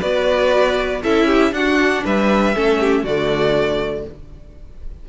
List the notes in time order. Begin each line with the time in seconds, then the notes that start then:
0.00 B3 F#4 B4 D5
1.03 C#4 E4 A4 E5
1.27 G4
1.52 D4 F#4 F#5
2.05 G3 B4 E5
2.55 A3 C#4 A4
2.80 G4
3.04 D3 A3 F#4 D5